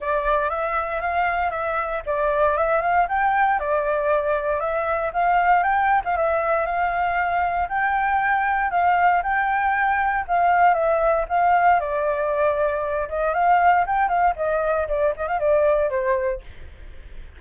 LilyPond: \new Staff \with { instrumentName = "flute" } { \time 4/4 \tempo 4 = 117 d''4 e''4 f''4 e''4 | d''4 e''8 f''8 g''4 d''4~ | d''4 e''4 f''4 g''8. f''16 | e''4 f''2 g''4~ |
g''4 f''4 g''2 | f''4 e''4 f''4 d''4~ | d''4. dis''8 f''4 g''8 f''8 | dis''4 d''8 dis''16 f''16 d''4 c''4 | }